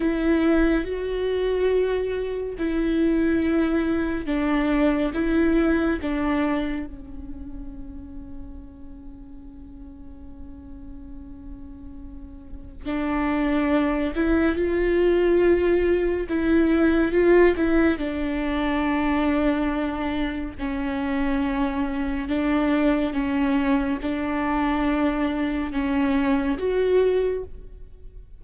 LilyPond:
\new Staff \with { instrumentName = "viola" } { \time 4/4 \tempo 4 = 70 e'4 fis'2 e'4~ | e'4 d'4 e'4 d'4 | cis'1~ | cis'2. d'4~ |
d'8 e'8 f'2 e'4 | f'8 e'8 d'2. | cis'2 d'4 cis'4 | d'2 cis'4 fis'4 | }